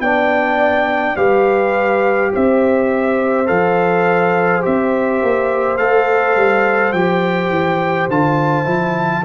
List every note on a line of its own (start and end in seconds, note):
0.00 1.15 B3
0.00 1.17 D4
0.00 1.17 D5
0.00 1.17 G5
1.17 2.32 G3
1.17 3.47 G4
1.17 2.32 B4
1.17 2.32 F5
2.33 3.50 C4
2.33 9.25 C5
2.33 3.48 E5
3.47 4.65 F3
3.47 4.62 A4
3.47 4.63 F5
4.62 5.22 C4
4.62 5.77 G4
4.62 5.78 E5
5.22 5.79 A#3
5.78 6.37 A3
5.78 6.95 A4
5.78 6.93 F5
6.37 6.93 G3
6.93 7.50 F3
6.93 8.11 G4
6.93 8.08 G5
7.51 8.08 E3
8.09 8.67 D3
8.09 8.66 F4
8.09 9.25 A5
8.66 9.24 F3
8.66 9.24 E4